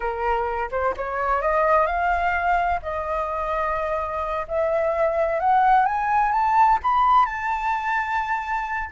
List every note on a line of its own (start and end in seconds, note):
0.00 0.69 A#4
0.71 0.94 C5
0.96 1.41 C#5
1.41 1.86 D#5
1.86 2.80 F5
2.82 4.46 D#5
4.48 5.39 E5
5.39 5.85 F#5
5.85 6.32 G#5
6.32 6.78 A5
6.82 7.25 B5
7.25 8.89 A5